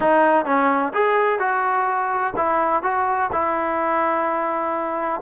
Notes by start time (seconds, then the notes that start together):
0.00 D#4
0.45 C#4
0.93 G#4
1.39 F#4
2.36 E4
2.83 F#4
3.32 E4